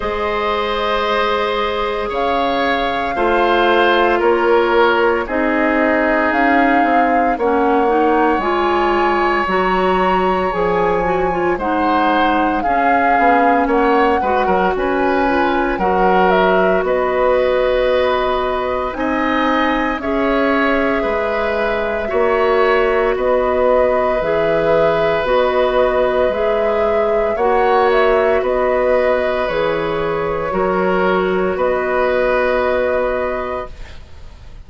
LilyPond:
<<
  \new Staff \with { instrumentName = "flute" } { \time 4/4 \tempo 4 = 57 dis''2 f''2 | cis''4 dis''4 f''4 fis''4 | gis''4 ais''4 gis''4 fis''4 | f''4 fis''4 gis''4 fis''8 e''8 |
dis''2 gis''4 e''4~ | e''2 dis''4 e''4 | dis''4 e''4 fis''8 e''8 dis''4 | cis''2 dis''2 | }
  \new Staff \with { instrumentName = "oboe" } { \time 4/4 c''2 cis''4 c''4 | ais'4 gis'2 cis''4~ | cis''2. c''4 | gis'4 cis''8 b'16 ais'16 b'4 ais'4 |
b'2 dis''4 cis''4 | b'4 cis''4 b'2~ | b'2 cis''4 b'4~ | b'4 ais'4 b'2 | }
  \new Staff \with { instrumentName = "clarinet" } { \time 4/4 gis'2. f'4~ | f'4 dis'2 cis'8 dis'8 | f'4 fis'4 gis'8 fis'16 f'16 dis'4 | cis'4. fis'4 f'8 fis'4~ |
fis'2 dis'4 gis'4~ | gis'4 fis'2 gis'4 | fis'4 gis'4 fis'2 | gis'4 fis'2. | }
  \new Staff \with { instrumentName = "bassoon" } { \time 4/4 gis2 cis4 a4 | ais4 c'4 cis'8 c'8 ais4 | gis4 fis4 f4 gis4 | cis'8 b8 ais8 gis16 fis16 cis'4 fis4 |
b2 c'4 cis'4 | gis4 ais4 b4 e4 | b4 gis4 ais4 b4 | e4 fis4 b2 | }
>>